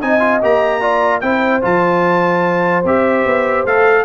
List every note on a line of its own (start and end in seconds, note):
0.00 0.42 C4
0.00 0.19 D#4
0.00 0.81 D#5
0.00 0.41 G#5
0.19 0.40 F4
0.41 1.22 A#3
0.41 0.81 G4
0.41 1.20 A#5
0.81 1.21 F4
0.81 1.22 D5
1.20 1.62 C4
1.20 1.61 E4
1.20 4.05 C5
1.20 1.61 G5
1.61 2.84 F3
1.61 2.83 F4
1.61 2.85 A5
2.84 3.24 C4
2.84 3.67 G4
2.84 3.66 E5
3.25 3.65 B3
3.65 4.05 A3
3.65 4.05 A4
3.65 4.05 F5